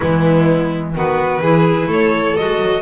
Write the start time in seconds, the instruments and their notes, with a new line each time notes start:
0.00 double bass E3, clarinet G#3, violin B3 E4
0.95 double bass D#3, clarinet B3, violin F#4 B4
1.40 double bass E3, clarinet E4, violin G#4
1.86 double bass A3, violin A4 C#5
2.36 double bass G#3, clarinet F#4, violin D#5
2.59 double bass F#3